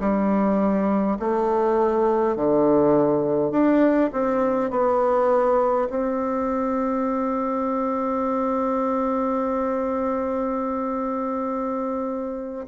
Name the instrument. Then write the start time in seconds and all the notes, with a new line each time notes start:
bassoon
0.00 G3
1.20 A3
2.36 D3
3.51 D4
4.12 C4
4.71 B3
5.90 C4